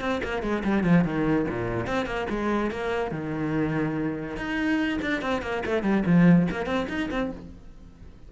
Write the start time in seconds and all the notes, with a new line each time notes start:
0.00 C4
0.23 A#3
0.42 G#3
0.64 G3
0.84 F3
1.04 D#3
1.48 A#2
1.87 C4
2.06 A#3
2.29 G#3
2.71 A#3
3.11 D#3
4.36 D#4
5.01 D4
5.21 C4
5.42 A#3
5.65 A3
5.83 G3
6.06 F3
6.51 A#3
6.66 C4
6.88 D#4
7.11 C4